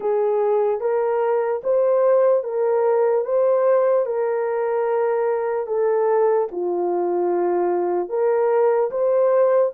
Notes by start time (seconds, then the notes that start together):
0.00 G#4
0.80 A#4
1.63 C5
2.43 A#4
3.24 C5
4.05 A#4
5.66 A4
6.51 F4
8.09 A#4
8.90 C5